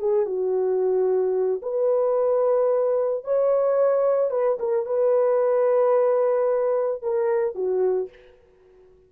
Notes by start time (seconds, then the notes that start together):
0.00 G#4
0.26 F#4
1.63 B4
3.25 C#5
4.31 B4
4.60 A#4
4.86 B4
7.02 A#4
7.56 F#4